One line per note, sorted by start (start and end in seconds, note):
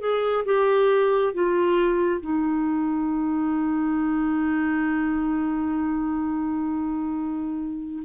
0.00 0.45 G#4
0.45 1.34 G4
1.34 2.21 F4
2.21 8.03 D#4